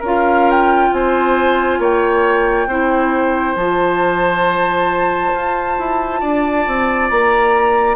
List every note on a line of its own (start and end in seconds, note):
0.00 0.91 C#4
0.00 2.70 F4
0.00 0.88 A#4
0.07 0.51 F5
0.51 0.94 G5
0.93 1.79 C4
0.93 1.80 C5
0.93 1.82 G#5
1.79 2.67 A#3
1.79 2.68 C#5
1.79 3.56 G5
2.67 3.55 C4
2.67 3.58 E4
2.67 6.21 C5
3.56 5.32 F3
3.56 7.96 F4
3.56 7.09 A5
5.34 5.78 F4
5.79 6.23 E4
6.21 6.67 D4
6.21 7.96 D5
6.67 7.11 C4
7.10 7.96 A#3
7.10 7.96 A#5